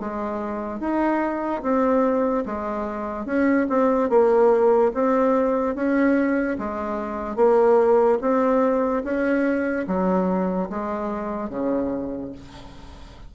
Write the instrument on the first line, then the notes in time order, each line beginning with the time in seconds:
bassoon
0.00 G#3
0.80 D#4
1.62 C4
2.46 G#3
3.26 C#4
3.69 C4
4.10 A#3
4.94 C4
5.75 C#4
6.59 G#3
7.36 A#3
8.21 C4
9.04 C#4
9.87 F#3
10.70 G#3
11.50 C#3